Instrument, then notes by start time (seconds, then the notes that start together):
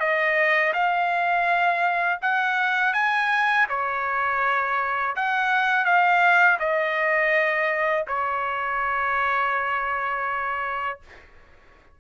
trumpet
0.00 D#5
0.74 F5
2.22 F#5
2.94 G#5
3.70 C#5
5.16 F#5
5.85 F5
6.60 D#5
8.08 C#5